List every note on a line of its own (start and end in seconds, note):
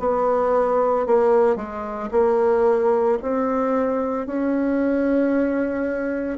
0.00 1.07 B3
1.07 1.56 A#3
1.56 2.10 G#3
2.11 3.19 A#3
3.22 4.27 C4
4.27 6.38 C#4